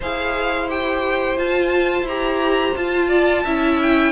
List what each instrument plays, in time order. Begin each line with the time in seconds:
0.00 cello E4, viola G#4, violin C5 F5
0.69 viola G4, violin G5
1.37 cello F4, viola F4, violin A5
2.02 cello E4, viola G4, violin A#5
2.75 viola F4, cello F4, violin A5
3.08 violin D5
3.44 cello C#4, viola E4, violin E5
3.82 violin G5